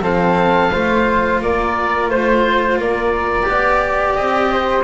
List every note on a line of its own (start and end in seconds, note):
0.00 0.69 F3
0.00 0.71 C4
0.00 0.72 A4
0.00 1.41 F5
0.72 1.41 A3
0.72 3.43 F4
0.72 1.41 C5
1.41 2.08 A#3
1.41 2.10 A#4
1.41 2.10 D5
2.08 2.77 A3
2.08 2.79 C5
2.77 3.46 A#3
2.77 3.49 A#4
2.77 4.15 D5
3.43 4.17 B3
3.43 4.81 G4
3.50 4.52 D5
4.15 4.84 C4
4.15 4.83 D#5
4.52 4.84 C5